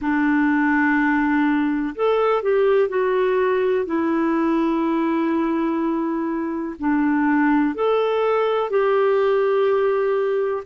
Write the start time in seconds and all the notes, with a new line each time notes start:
0.00 D4
1.95 A4
2.42 G4
2.88 F#4
3.85 E4
6.79 D4
7.75 A4
8.70 G4